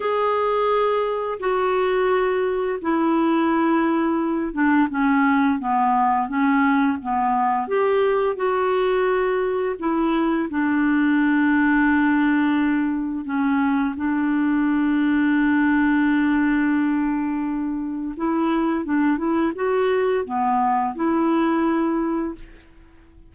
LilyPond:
\new Staff \with { instrumentName = "clarinet" } { \time 4/4 \tempo 4 = 86 gis'2 fis'2 | e'2~ e'8 d'8 cis'4 | b4 cis'4 b4 g'4 | fis'2 e'4 d'4~ |
d'2. cis'4 | d'1~ | d'2 e'4 d'8 e'8 | fis'4 b4 e'2 | }